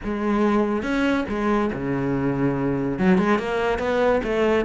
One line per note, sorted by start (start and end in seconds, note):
0.04 0.82 G#3
0.82 1.25 C#4
1.28 1.71 G#3
1.73 2.98 C#3
2.98 3.18 F#3
3.18 3.39 G#3
3.39 3.78 A#3
3.78 4.21 B3
4.23 4.65 A3